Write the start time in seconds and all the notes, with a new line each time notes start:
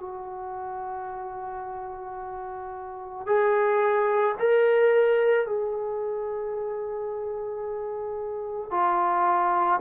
0.00 F#4
3.26 G#4
4.40 A#4
5.46 G#4
8.71 F4